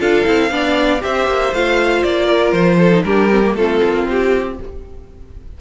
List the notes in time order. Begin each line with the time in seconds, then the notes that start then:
0.00 D4 F4 A4 F5
0.25 C4 E4
0.51 B3 D4 D5
1.01 C4 G4 C5 E5
1.27 A#3
1.53 A3 F4 F5
2.04 A#3 D5
2.26 A#4
2.52 F3 C5
2.79 A4
2.92 D#4
3.04 G3 D4 G4 A#4
3.31 C4
3.45 A#3
3.55 A3 C4 F4 A4
3.84 A#3
4.08 C4 G4